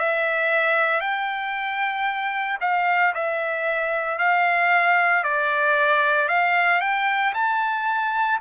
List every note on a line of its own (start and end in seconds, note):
0.00 1.01 E5
1.01 2.59 G5
2.61 3.14 F5
3.15 4.19 E5
4.19 5.24 F5
5.24 6.29 D5
6.29 6.81 F5
6.81 7.34 G5
7.34 8.40 A5